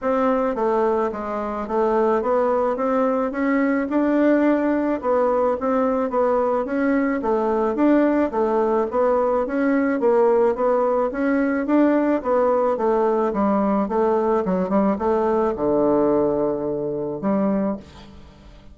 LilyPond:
\new Staff \with { instrumentName = "bassoon" } { \time 4/4 \tempo 4 = 108 c'4 a4 gis4 a4 | b4 c'4 cis'4 d'4~ | d'4 b4 c'4 b4 | cis'4 a4 d'4 a4 |
b4 cis'4 ais4 b4 | cis'4 d'4 b4 a4 | g4 a4 fis8 g8 a4 | d2. g4 | }